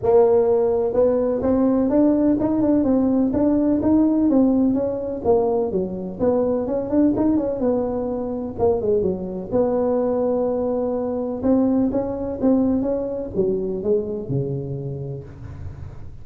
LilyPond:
\new Staff \with { instrumentName = "tuba" } { \time 4/4 \tempo 4 = 126 ais2 b4 c'4 | d'4 dis'8 d'8 c'4 d'4 | dis'4 c'4 cis'4 ais4 | fis4 b4 cis'8 d'8 dis'8 cis'8 |
b2 ais8 gis8 fis4 | b1 | c'4 cis'4 c'4 cis'4 | fis4 gis4 cis2 | }